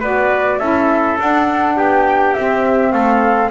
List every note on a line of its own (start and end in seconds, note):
0.00 0.59 B3
0.00 0.61 F#4
0.00 0.58 B4
0.00 0.59 D5
0.59 1.18 C#4
0.59 1.19 E4
0.59 1.76 A4
0.59 1.18 E5
1.20 1.78 D4
1.20 2.36 D4
1.20 1.79 F#5
1.77 2.36 B3
1.77 2.93 G4
1.77 2.34 G5
2.34 3.51 C4
2.34 2.92 C4
2.34 2.92 E5
2.92 3.51 A3
2.92 3.51 A4
2.92 3.50 F5